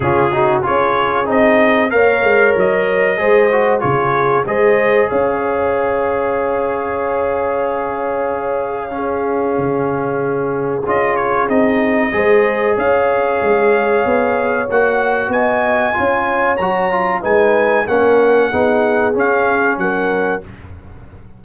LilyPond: <<
  \new Staff \with { instrumentName = "trumpet" } { \time 4/4 \tempo 4 = 94 gis'4 cis''4 dis''4 f''4 | dis''2 cis''4 dis''4 | f''1~ | f''1~ |
f''4 dis''8 cis''8 dis''2 | f''2. fis''4 | gis''2 ais''4 gis''4 | fis''2 f''4 fis''4 | }
  \new Staff \with { instrumentName = "horn" } { \time 4/4 f'8 fis'8 gis'2 cis''4~ | cis''4 c''4 gis'4 c''4 | cis''1~ | cis''2 gis'2~ |
gis'2. c''4 | cis''1 | dis''4 cis''2 b'4 | ais'4 gis'2 ais'4 | }
  \new Staff \with { instrumentName = "trombone" } { \time 4/4 cis'8 dis'8 f'4 dis'4 ais'4~ | ais'4 gis'8 fis'8 f'4 gis'4~ | gis'1~ | gis'2 cis'2~ |
cis'4 f'4 dis'4 gis'4~ | gis'2. fis'4~ | fis'4 f'4 fis'8 f'8 dis'4 | cis'4 dis'4 cis'2 | }
  \new Staff \with { instrumentName = "tuba" } { \time 4/4 cis4 cis'4 c'4 ais8 gis8 | fis4 gis4 cis4 gis4 | cis'1~ | cis'2. cis4~ |
cis4 cis'4 c'4 gis4 | cis'4 gis4 b4 ais4 | b4 cis'4 fis4 gis4 | ais4 b4 cis'4 fis4 | }
>>